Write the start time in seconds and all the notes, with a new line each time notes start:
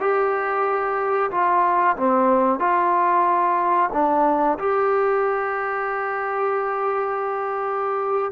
0.00 G4
1.31 F4
1.97 C4
2.59 F4
3.93 D4
4.59 G4